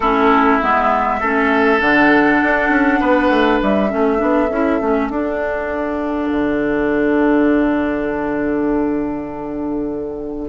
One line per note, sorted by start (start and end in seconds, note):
0.00 0.60 A3
0.00 0.61 C#4
0.00 1.20 E4
0.00 0.58 A4
0.60 1.21 G#3
0.60 1.21 B3
0.60 1.80 E5
1.20 1.80 A3
1.20 1.79 C#4
1.20 3.00 A4
1.79 2.41 D3
1.79 3.89 D4
1.79 3.60 F#5
2.43 2.69 D4
2.69 2.99 C#4
3.00 3.29 B3
3.00 3.90 B4
3.29 3.59 A3
3.62 3.92 G3
3.62 5.09 E5
3.89 4.21 A3
3.89 4.17 C#4
3.89 10.49 A4
4.17 4.50 B3
4.17 4.47 D4
4.50 4.79 C#4
4.50 4.80 E4
4.80 5.09 A3
4.80 5.11 C#4
5.09 6.29 D4
5.09 10.49 D4
5.09 10.49 F#5
6.31 10.49 D3